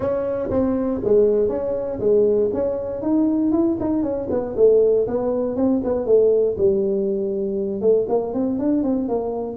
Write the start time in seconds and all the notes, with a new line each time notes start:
0.00 C#4
0.50 C4
1.03 G#3
1.48 C#4
1.99 G#3
2.53 C#4
3.02 D#4
3.52 E4
3.80 D#4
4.02 C#4
4.29 B3
4.56 A3
5.07 B3
5.56 C4
5.84 B3
6.05 A3
6.57 G3
7.81 A3
8.08 A#3
8.33 C4
8.59 D4
8.83 C4
9.08 A#3